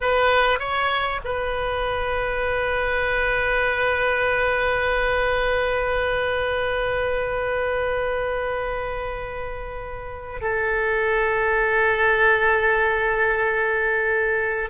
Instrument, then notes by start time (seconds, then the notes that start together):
oboe
0.00 B4
0.59 C#5
1.24 B4
10.41 A4